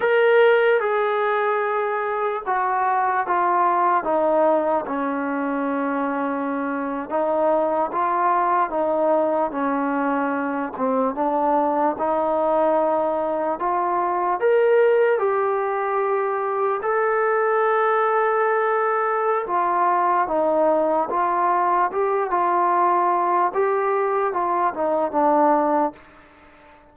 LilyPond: \new Staff \with { instrumentName = "trombone" } { \time 4/4 \tempo 4 = 74 ais'4 gis'2 fis'4 | f'4 dis'4 cis'2~ | cis'8. dis'4 f'4 dis'4 cis'16~ | cis'4~ cis'16 c'8 d'4 dis'4~ dis'16~ |
dis'8. f'4 ais'4 g'4~ g'16~ | g'8. a'2.~ a'16 | f'4 dis'4 f'4 g'8 f'8~ | f'4 g'4 f'8 dis'8 d'4 | }